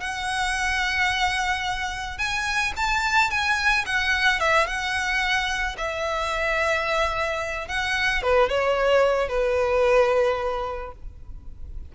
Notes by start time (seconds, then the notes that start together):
0.00 F#5
2.18 G#5
2.76 A5
3.30 G#5
3.86 F#5
4.40 E5
4.67 F#5
5.77 E5
7.68 F#5
8.22 B4
8.49 C#5
9.28 B4